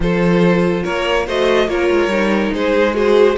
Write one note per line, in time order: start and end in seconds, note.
0.00 0.83 F3
0.00 1.27 F4
0.00 0.83 A4
0.00 0.84 C5
0.83 1.27 A#3
0.83 1.25 A#4
0.83 1.26 C#5
1.26 1.68 A3
1.26 1.68 F#4
1.26 1.68 C5
1.26 1.68 D#5
1.68 1.89 A#3
1.68 2.10 F4
1.68 2.53 A#4
1.68 2.53 C#5
1.90 2.07 G#3
2.07 2.49 G3
2.07 2.93 D#4
2.53 3.37 G#3
2.53 2.96 G#4
2.53 2.94 C5
2.93 3.36 F#4
2.93 3.36 G#4
2.93 3.37 C5